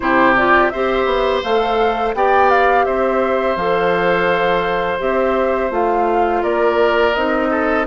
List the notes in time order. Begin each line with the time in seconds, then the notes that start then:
0.00 C3 E4 G4 C5
0.36 F4 D5
0.69 C4 G4 C5 E5
1.05 B3
1.42 A3 A4 F5
2.14 B3 G4 D5 G5
2.50 F5
2.85 C4 C5 E5
3.56 F3 A4 F5
4.99 C4 G4 E5
5.70 A3 F4 F5
6.42 A#3 A#4 D5
7.14 C4 D#4 D#5
7.50 A4